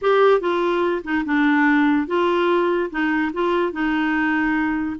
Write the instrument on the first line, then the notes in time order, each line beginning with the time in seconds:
clarinet
0.01 G4
0.40 F4
1.03 D#4
1.25 D4
2.07 F4
2.90 D#4
3.33 F4
3.72 D#4